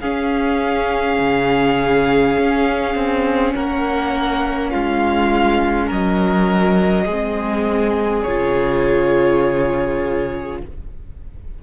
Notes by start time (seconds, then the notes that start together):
0.00 C#4 G#4 F5
1.19 C#3
2.38 C#4
2.95 C4
3.54 A#3 A#4 F#5
4.70 G#3 F4 F5
5.87 F#3 A#4 D#5
7.05 G#3 C4 G#4
8.23 C#3 F4 C#5